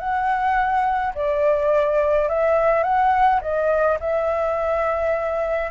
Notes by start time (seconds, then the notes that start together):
0.00 F#5
1.15 D5
2.29 E5
2.84 F#5
3.42 D#5
4.01 E5